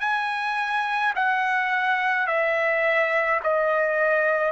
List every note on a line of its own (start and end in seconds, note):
0.00 1.13 G#5
1.15 2.27 F#5
2.27 3.40 E5
3.43 4.52 D#5